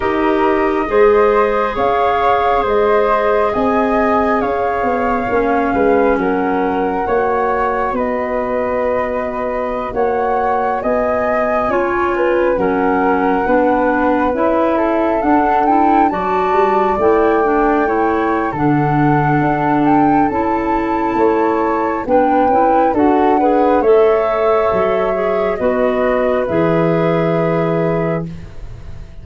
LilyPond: <<
  \new Staff \with { instrumentName = "flute" } { \time 4/4 \tempo 4 = 68 dis''2 f''4 dis''4 | gis''4 f''2 fis''4~ | fis''4 dis''2~ dis''16 fis''8.~ | fis''16 gis''2 fis''4.~ fis''16~ |
fis''16 e''4 fis''8 g''8 a''4 g''8.~ | g''4 fis''4. g''8 a''4~ | a''4 g''4 fis''4 e''4~ | e''4 dis''4 e''2 | }
  \new Staff \with { instrumentName = "flute" } { \time 4/4 ais'4 c''4 cis''4 c''4 | dis''4 cis''4. b'8 ais'4 | cis''4 b'2~ b'16 cis''8.~ | cis''16 dis''4 cis''8 b'8 ais'4 b'8.~ |
b'8. a'4. d''4.~ d''16~ | d''16 cis''8. a'2. | cis''4 b'4 a'8 b'8 cis''4~ | cis''4 b'2. | }
  \new Staff \with { instrumentName = "clarinet" } { \time 4/4 g'4 gis'2.~ | gis'2 cis'2 | fis'1~ | fis'4~ fis'16 f'4 cis'4 d'8.~ |
d'16 e'4 d'8 e'8 fis'4 e'8 d'16~ | d'16 e'8. d'2 e'4~ | e'4 d'8 e'8 fis'8 gis'8 a'4~ | a'8 gis'8 fis'4 gis'2 | }
  \new Staff \with { instrumentName = "tuba" } { \time 4/4 dis'4 gis4 cis'4 gis4 | c'4 cis'8 b8 ais8 gis8 fis4 | ais4 b2~ b16 ais8.~ | ais16 b4 cis'4 fis4 b8.~ |
b16 cis'4 d'4 fis8 g8 a8.~ | a4 d4 d'4 cis'4 | a4 b8 cis'8 d'4 a4 | fis4 b4 e2 | }
>>